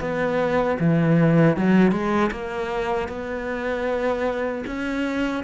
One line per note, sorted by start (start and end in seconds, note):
0.00 0.78 B3
0.80 1.57 E3
1.57 1.92 F#3
1.92 2.31 G#3
2.32 3.09 A#3
3.09 4.64 B3
4.66 5.44 C#4